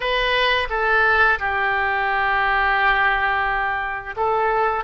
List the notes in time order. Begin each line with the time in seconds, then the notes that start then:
0.00 B4
0.69 A4
1.39 G4
4.16 A4